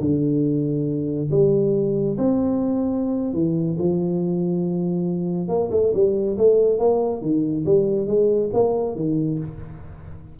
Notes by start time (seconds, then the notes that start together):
0.00 D3
1.30 G3
2.17 C4
3.33 E3
3.78 F3
5.48 A#3
5.71 A3
5.94 G3
6.37 A3
6.78 A#3
7.21 D#3
7.65 G3
8.06 G#3
8.53 A#3
8.95 D#3